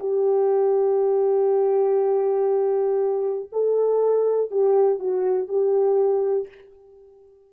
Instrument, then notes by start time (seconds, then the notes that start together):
horn
0.00 G4
3.52 A4
4.51 G4
4.99 F#4
5.48 G4